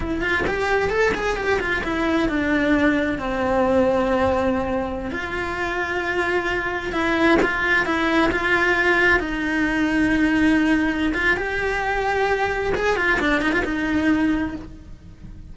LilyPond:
\new Staff \with { instrumentName = "cello" } { \time 4/4 \tempo 4 = 132 e'8 f'8 g'4 a'8 gis'8 g'8 f'8 | e'4 d'2 c'4~ | c'2.~ c'16 f'8.~ | f'2.~ f'16 e'8.~ |
e'16 f'4 e'4 f'4.~ f'16~ | f'16 dis'2.~ dis'8.~ | dis'8 f'8 g'2. | gis'8 f'8 d'8 dis'16 f'16 dis'2 | }